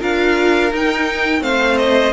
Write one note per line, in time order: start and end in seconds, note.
0.00 0.71 D4
0.00 0.71 F4
0.00 1.41 A#4
0.00 0.73 F5
0.71 1.41 D#4
0.71 1.40 D#4
0.71 1.43 G5
1.40 2.12 A3
1.40 2.11 C4
1.40 2.12 C5
1.40 1.77 F5
1.77 2.12 D#5